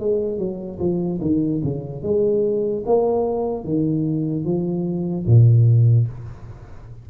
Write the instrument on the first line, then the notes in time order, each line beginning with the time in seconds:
tuba
0.00 G#3
0.38 F#3
0.79 F3
1.21 D#3
1.64 C#3
2.03 G#3
2.86 A#3
3.64 D#3
4.44 F3
5.27 A#2